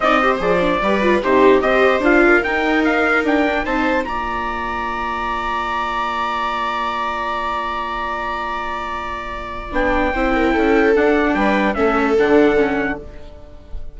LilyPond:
<<
  \new Staff \with { instrumentName = "trumpet" } { \time 4/4 \tempo 4 = 148 dis''4 d''2 c''4 | dis''4 f''4 g''4 f''4 | g''4 a''4 ais''2~ | ais''1~ |
ais''1~ | ais''1 | g''2. fis''4 | g''4 e''4 fis''2 | }
  \new Staff \with { instrumentName = "viola" } { \time 4/4 d''8 c''4. b'4 g'4 | c''4. ais'2~ ais'8~ | ais'4 c''4 d''2~ | d''1~ |
d''1~ | d''1~ | d''4 c''8 ais'8 a'2 | b'4 a'2. | }
  \new Staff \with { instrumentName = "viola" } { \time 4/4 dis'8 g'8 gis'8 d'8 g'8 f'8 dis'4 | g'4 f'4 dis'2~ | dis'8 d'8 dis'4 f'2~ | f'1~ |
f'1~ | f'1 | d'4 e'2 d'4~ | d'4 cis'4 d'4 cis'4 | }
  \new Staff \with { instrumentName = "bassoon" } { \time 4/4 c'4 f4 g4 c4 | c'4 d'4 dis'2 | d'4 c'4 ais2~ | ais1~ |
ais1~ | ais1 | b4 c'4 cis'4 d'4 | g4 a4 d2 | }
>>